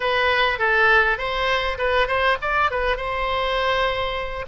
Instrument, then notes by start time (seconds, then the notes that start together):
oboe
0.00 B4
0.58 A4
1.18 C5
1.78 B4
2.07 C5
2.41 D5
2.70 B4
2.96 C5